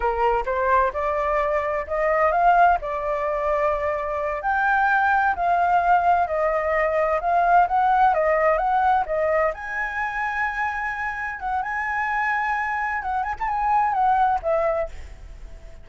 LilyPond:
\new Staff \with { instrumentName = "flute" } { \time 4/4 \tempo 4 = 129 ais'4 c''4 d''2 | dis''4 f''4 d''2~ | d''4. g''2 f''8~ | f''4. dis''2 f''8~ |
f''8 fis''4 dis''4 fis''4 dis''8~ | dis''8 gis''2.~ gis''8~ | gis''8 fis''8 gis''2. | fis''8 gis''16 a''16 gis''4 fis''4 e''4 | }